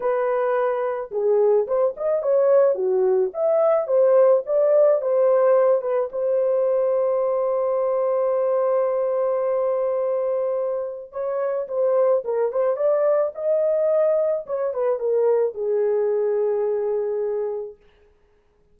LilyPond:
\new Staff \with { instrumentName = "horn" } { \time 4/4 \tempo 4 = 108 b'2 gis'4 c''8 dis''8 | cis''4 fis'4 e''4 c''4 | d''4 c''4. b'8 c''4~ | c''1~ |
c''1 | cis''4 c''4 ais'8 c''8 d''4 | dis''2 cis''8 b'8 ais'4 | gis'1 | }